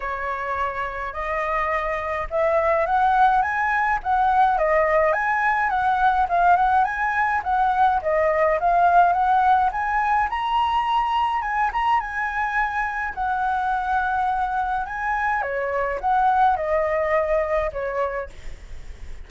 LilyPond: \new Staff \with { instrumentName = "flute" } { \time 4/4 \tempo 4 = 105 cis''2 dis''2 | e''4 fis''4 gis''4 fis''4 | dis''4 gis''4 fis''4 f''8 fis''8 | gis''4 fis''4 dis''4 f''4 |
fis''4 gis''4 ais''2 | gis''8 ais''8 gis''2 fis''4~ | fis''2 gis''4 cis''4 | fis''4 dis''2 cis''4 | }